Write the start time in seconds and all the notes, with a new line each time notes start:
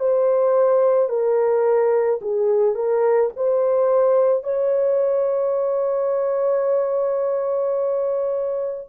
0.00 C5
1.09 A#4
2.22 G#4
2.75 A#4
3.36 C5
4.44 C#5